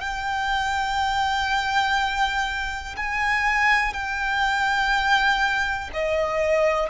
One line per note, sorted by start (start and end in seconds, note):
0.00 2.95 G5
2.96 3.93 G#5
3.93 5.90 G5
5.93 6.89 D#5